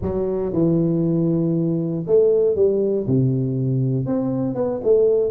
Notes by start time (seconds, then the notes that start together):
0.02 F#3
0.52 E3
2.06 A3
2.55 G3
3.06 C3
4.06 C4
4.54 B3
4.83 A3